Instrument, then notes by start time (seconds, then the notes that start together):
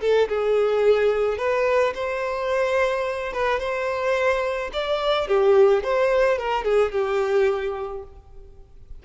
violin
0.00 A4
0.28 G#4
1.38 B4
1.94 C5
3.33 B4
3.59 C5
4.73 D5
5.27 G4
5.83 C5
6.38 A#4
6.64 G#4
6.91 G4